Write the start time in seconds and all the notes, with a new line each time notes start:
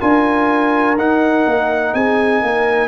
0.00 D4 F4 A#4 G#5
0.98 D#4 F#5
1.47 A#3
1.94 C4 G#4 G#5
2.43 A#3 A#4